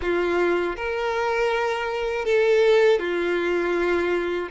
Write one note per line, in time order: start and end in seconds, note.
0.01 0.76 F4
0.76 2.25 A#4
2.25 2.99 A4
2.99 4.49 F4